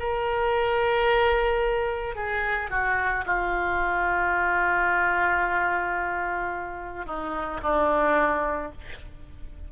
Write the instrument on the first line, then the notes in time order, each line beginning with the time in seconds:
oboe
0.00 A#4
2.16 G#4
2.71 F#4
3.26 F4
7.07 D#4
7.63 D4